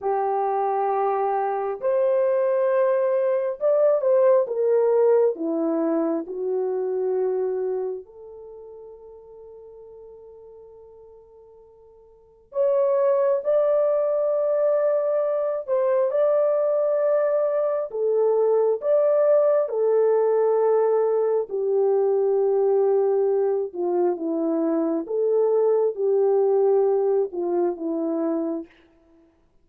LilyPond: \new Staff \with { instrumentName = "horn" } { \time 4/4 \tempo 4 = 67 g'2 c''2 | d''8 c''8 ais'4 e'4 fis'4~ | fis'4 a'2.~ | a'2 cis''4 d''4~ |
d''4. c''8 d''2 | a'4 d''4 a'2 | g'2~ g'8 f'8 e'4 | a'4 g'4. f'8 e'4 | }